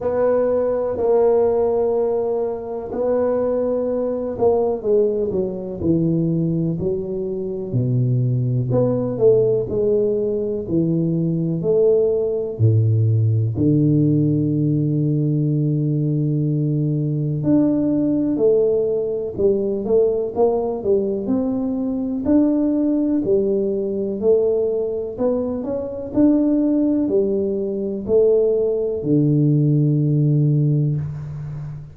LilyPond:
\new Staff \with { instrumentName = "tuba" } { \time 4/4 \tempo 4 = 62 b4 ais2 b4~ | b8 ais8 gis8 fis8 e4 fis4 | b,4 b8 a8 gis4 e4 | a4 a,4 d2~ |
d2 d'4 a4 | g8 a8 ais8 g8 c'4 d'4 | g4 a4 b8 cis'8 d'4 | g4 a4 d2 | }